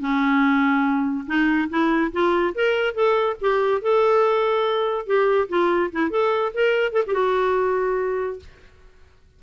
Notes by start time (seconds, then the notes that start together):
0.00 C#4
1.27 D#4
1.70 E4
2.13 F4
2.55 A#4
2.95 A4
3.41 G4
3.82 A4
5.07 G4
5.49 F4
5.92 E4
6.11 A4
6.54 A#4
6.93 A4
7.07 G4
7.14 F#4